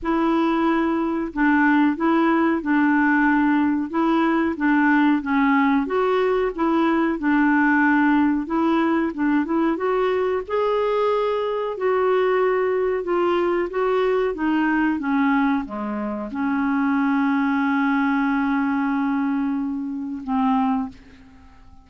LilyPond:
\new Staff \with { instrumentName = "clarinet" } { \time 4/4 \tempo 4 = 92 e'2 d'4 e'4 | d'2 e'4 d'4 | cis'4 fis'4 e'4 d'4~ | d'4 e'4 d'8 e'8 fis'4 |
gis'2 fis'2 | f'4 fis'4 dis'4 cis'4 | gis4 cis'2.~ | cis'2. c'4 | }